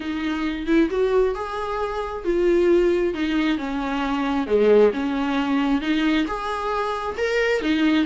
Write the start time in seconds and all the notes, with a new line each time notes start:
0.00 D#4
0.66 E4
0.90 F#4
1.34 G#4
2.24 F4
3.13 D#4
3.58 C#4
4.46 G#3
4.93 C#4
5.81 D#4
6.26 G#4
7.17 A#4
7.61 D#4